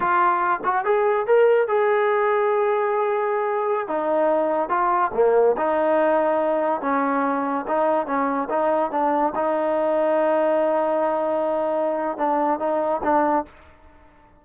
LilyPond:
\new Staff \with { instrumentName = "trombone" } { \time 4/4 \tempo 4 = 143 f'4. fis'8 gis'4 ais'4 | gis'1~ | gis'4~ gis'16 dis'2 f'8.~ | f'16 ais4 dis'2~ dis'8.~ |
dis'16 cis'2 dis'4 cis'8.~ | cis'16 dis'4 d'4 dis'4.~ dis'16~ | dis'1~ | dis'4 d'4 dis'4 d'4 | }